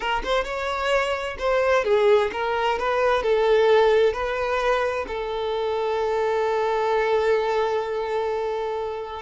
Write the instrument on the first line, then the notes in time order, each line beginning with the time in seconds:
violin
0.00 A#4
0.24 C5
0.44 C#5
1.38 C5
1.84 G#4
2.32 A#4
2.79 B4
3.22 A4
4.13 B4
5.07 A4